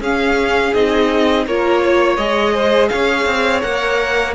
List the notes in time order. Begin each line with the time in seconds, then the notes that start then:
0.00 C#4 G#4 F5
0.74 C4 D#4 D#5
1.46 A#3 F4 A#4 C#5
1.82 C#5
2.17 G#3 G#4 D#5
2.53 C5
2.88 C#4 C#5 F5
3.26 C4
3.61 A#3 A#4 F#5